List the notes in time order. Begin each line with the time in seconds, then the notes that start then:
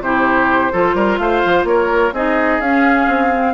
0.00 C3 E4 G4 C5
0.72 F3 F4 A4
0.94 G3 A#4
1.18 A3 C5 F5
1.45 F3
1.64 A#3 A#4 C#5
2.13 C4 D#4 G#4 D#5
2.59 C#4 F5
3.07 C4
3.32 C4